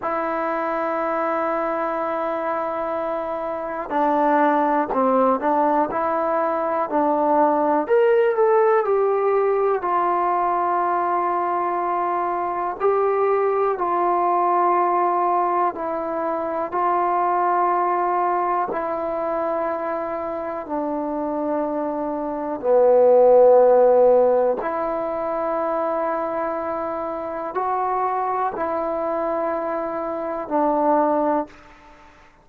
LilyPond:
\new Staff \with { instrumentName = "trombone" } { \time 4/4 \tempo 4 = 61 e'1 | d'4 c'8 d'8 e'4 d'4 | ais'8 a'8 g'4 f'2~ | f'4 g'4 f'2 |
e'4 f'2 e'4~ | e'4 d'2 b4~ | b4 e'2. | fis'4 e'2 d'4 | }